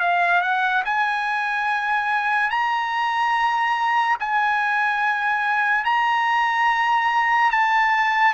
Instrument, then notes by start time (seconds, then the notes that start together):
trumpet
0.00 F5
0.41 F#5
0.85 G#5
2.50 A#5
4.20 G#5
5.84 A#5
7.51 A5